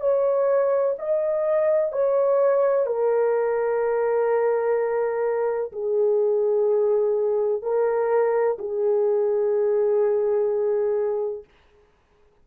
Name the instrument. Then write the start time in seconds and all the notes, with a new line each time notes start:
horn
0.00 C#5
0.98 D#5
1.92 C#5
2.86 A#4
5.72 G#4
7.62 A#4
8.58 G#4